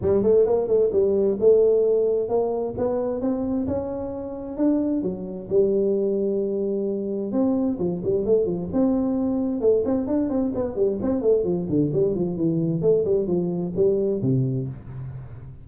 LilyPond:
\new Staff \with { instrumentName = "tuba" } { \time 4/4 \tempo 4 = 131 g8 a8 ais8 a8 g4 a4~ | a4 ais4 b4 c'4 | cis'2 d'4 fis4 | g1 |
c'4 f8 g8 a8 f8 c'4~ | c'4 a8 c'8 d'8 c'8 b8 g8 | c'8 a8 f8 d8 g8 f8 e4 | a8 g8 f4 g4 c4 | }